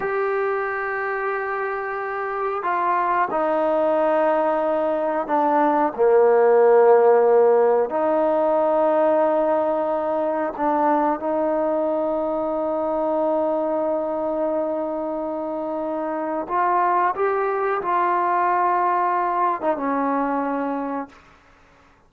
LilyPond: \new Staff \with { instrumentName = "trombone" } { \time 4/4 \tempo 4 = 91 g'1 | f'4 dis'2. | d'4 ais2. | dis'1 |
d'4 dis'2.~ | dis'1~ | dis'4 f'4 g'4 f'4~ | f'4.~ f'16 dis'16 cis'2 | }